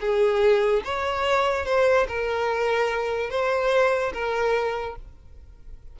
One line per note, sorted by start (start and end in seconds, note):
0.00 0.83 G#4
0.85 1.66 C#5
1.66 2.07 C5
2.08 3.30 A#4
3.30 4.13 C5
4.13 4.96 A#4